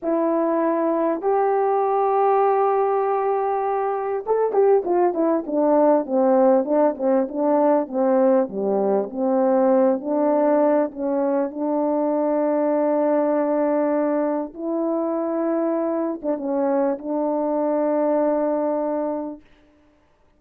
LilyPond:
\new Staff \with { instrumentName = "horn" } { \time 4/4 \tempo 4 = 99 e'2 g'2~ | g'2. a'8 g'8 | f'8 e'8 d'4 c'4 d'8 c'8 | d'4 c'4 g4 c'4~ |
c'8 d'4. cis'4 d'4~ | d'1 | e'2~ e'8. d'16 cis'4 | d'1 | }